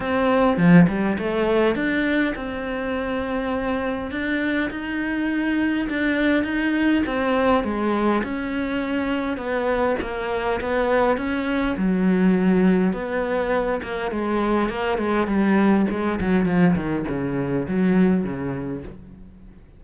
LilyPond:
\new Staff \with { instrumentName = "cello" } { \time 4/4 \tempo 4 = 102 c'4 f8 g8 a4 d'4 | c'2. d'4 | dis'2 d'4 dis'4 | c'4 gis4 cis'2 |
b4 ais4 b4 cis'4 | fis2 b4. ais8 | gis4 ais8 gis8 g4 gis8 fis8 | f8 dis8 cis4 fis4 cis4 | }